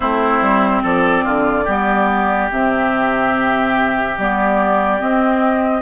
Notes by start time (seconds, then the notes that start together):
0.00 A3 C4 E4 C5
0.41 G3
0.82 F3 A4 D5
1.24 D3 F4
1.64 G3 B3 G4
2.51 C3 C4 E5
4.17 G3 B3 D5
4.98 C4 D#5